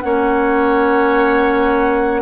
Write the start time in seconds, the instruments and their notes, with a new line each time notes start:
0.00 bassoon A#3, clarinet C#4, oboe C#5, flute F#5